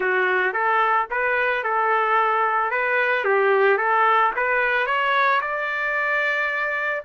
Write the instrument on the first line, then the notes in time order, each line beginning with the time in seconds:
trumpet
0.00 F#4
0.53 A4
1.10 B4
1.63 A4
2.70 B4
3.24 G4
3.77 A4
4.35 B4
4.86 C#5
5.41 D5